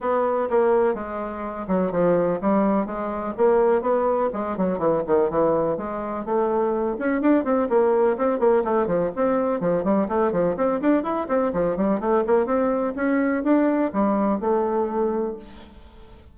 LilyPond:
\new Staff \with { instrumentName = "bassoon" } { \time 4/4 \tempo 4 = 125 b4 ais4 gis4. fis8 | f4 g4 gis4 ais4 | b4 gis8 fis8 e8 dis8 e4 | gis4 a4. cis'8 d'8 c'8 |
ais4 c'8 ais8 a8 f8 c'4 | f8 g8 a8 f8 c'8 d'8 e'8 c'8 | f8 g8 a8 ais8 c'4 cis'4 | d'4 g4 a2 | }